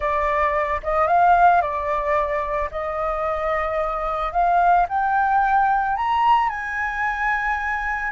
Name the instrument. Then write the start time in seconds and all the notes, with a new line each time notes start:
flute
0.00 D5
0.83 D#5
1.07 F5
1.61 D5
2.71 D#5
4.32 F5
4.88 G5
5.96 A#5
6.49 G#5